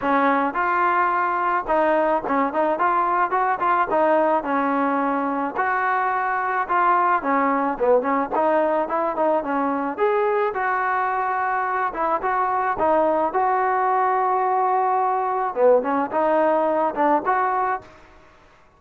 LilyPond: \new Staff \with { instrumentName = "trombone" } { \time 4/4 \tempo 4 = 108 cis'4 f'2 dis'4 | cis'8 dis'8 f'4 fis'8 f'8 dis'4 | cis'2 fis'2 | f'4 cis'4 b8 cis'8 dis'4 |
e'8 dis'8 cis'4 gis'4 fis'4~ | fis'4. e'8 fis'4 dis'4 | fis'1 | b8 cis'8 dis'4. d'8 fis'4 | }